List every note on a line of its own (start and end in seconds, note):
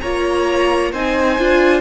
0.00 0.93 A#3
0.00 0.94 F4
0.00 0.92 C#5
0.00 0.91 A#5
0.92 1.38 C4
0.92 1.39 D#4
0.92 1.80 C5
0.92 1.80 G#5
1.39 1.80 D4
1.39 1.80 F4